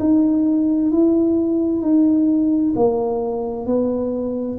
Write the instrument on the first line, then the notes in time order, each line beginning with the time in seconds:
tuba
0.00 D#4
0.91 E4
1.82 D#4
2.76 A#3
3.66 B3